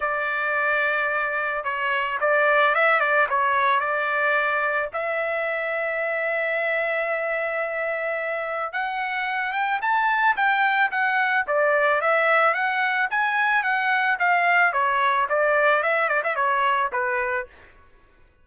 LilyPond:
\new Staff \with { instrumentName = "trumpet" } { \time 4/4 \tempo 4 = 110 d''2. cis''4 | d''4 e''8 d''8 cis''4 d''4~ | d''4 e''2.~ | e''1 |
fis''4. g''8 a''4 g''4 | fis''4 d''4 e''4 fis''4 | gis''4 fis''4 f''4 cis''4 | d''4 e''8 d''16 e''16 cis''4 b'4 | }